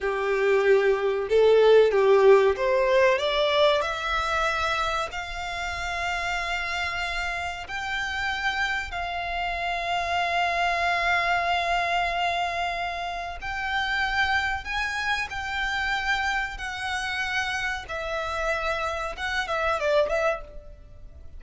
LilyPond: \new Staff \with { instrumentName = "violin" } { \time 4/4 \tempo 4 = 94 g'2 a'4 g'4 | c''4 d''4 e''2 | f''1 | g''2 f''2~ |
f''1~ | f''4 g''2 gis''4 | g''2 fis''2 | e''2 fis''8 e''8 d''8 e''8 | }